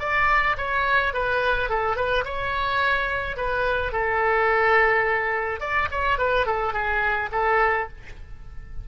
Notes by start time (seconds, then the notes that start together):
0.00 D5
0.57 C#5
1.14 B4
1.69 A4
1.96 B4
2.25 C#5
3.37 B4
3.92 A4
5.60 D5
5.91 C#5
6.18 B4
6.46 A4
6.73 G#4
7.32 A4